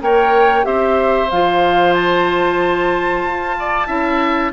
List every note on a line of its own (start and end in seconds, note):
0.00 0.65 A#3
0.00 0.63 A#4
0.00 0.66 C#5
0.00 0.65 G5
0.63 1.30 C4
0.63 1.28 G4
0.63 3.56 C5
0.63 1.30 E5
1.30 3.24 F3
1.30 3.87 F4
1.30 1.94 F5
1.94 4.52 A5
3.24 3.88 F4
3.59 3.87 D5
3.87 4.52 C#4
3.87 4.51 E4
3.87 4.52 E5